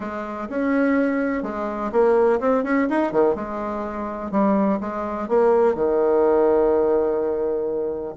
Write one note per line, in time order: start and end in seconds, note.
0.00 0.48 G#3
0.49 1.43 C#4
1.43 1.91 G#3
1.91 2.39 A#3
2.40 2.63 C4
2.63 2.87 C#4
2.89 3.12 D#4
3.12 3.35 D#3
3.35 4.31 G#3
4.31 4.79 G3
4.80 5.28 G#3
5.28 5.74 A#3
5.74 8.14 D#3